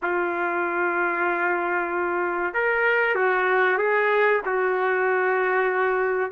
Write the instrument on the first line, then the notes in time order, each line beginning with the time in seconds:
trumpet
0.02 F4
2.53 A#4
3.15 F#4
3.78 G#4
4.45 F#4